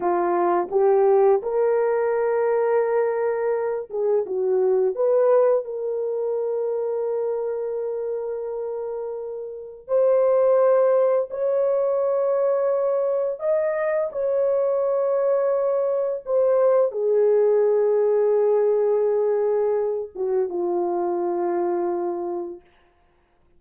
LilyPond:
\new Staff \with { instrumentName = "horn" } { \time 4/4 \tempo 4 = 85 f'4 g'4 ais'2~ | ais'4. gis'8 fis'4 b'4 | ais'1~ | ais'2 c''2 |
cis''2. dis''4 | cis''2. c''4 | gis'1~ | gis'8 fis'8 f'2. | }